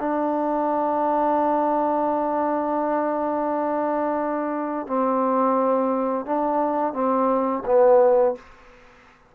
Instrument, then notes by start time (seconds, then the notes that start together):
trombone
0.00 D4
4.87 C4
6.26 D4
6.94 C4
7.66 B3